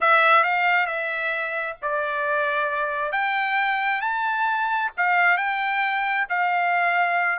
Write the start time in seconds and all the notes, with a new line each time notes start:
0.00 E5
0.43 F5
0.86 E5
1.82 D5
3.11 G5
4.01 A5
4.97 F5
5.37 G5
6.29 F5